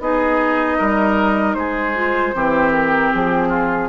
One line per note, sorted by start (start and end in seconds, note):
0.00 0.78 B3
0.00 1.95 D#4
0.00 0.78 G#4
0.00 1.54 D#5
0.78 1.55 G3
0.78 1.56 A#4
1.54 2.33 G#3
1.54 2.35 G#4
1.54 2.71 C5
1.95 2.34 F4
2.35 3.13 E3
2.35 3.89 C4
2.35 3.49 G4
2.72 3.11 A#4
3.12 3.89 F3
3.12 3.89 G#4
3.49 3.87 F4